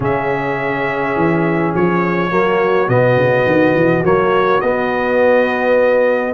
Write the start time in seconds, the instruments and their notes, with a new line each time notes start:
0.00 tuba C#3, trombone C#4, horn G#4, trumpet E5
1.15 tuba E3
1.74 tuba F3, trumpet C#5
2.30 tuba F#3, trombone A#3, horn F#4
2.88 tuba B2, trombone B3, trumpet D#5
3.16 tuba C#3
3.46 tuba D#3
3.74 tuba E3
4.03 tuba F#3, trombone A#3, trumpet C#5
4.60 tuba B3, trombone B3, trumpet D#5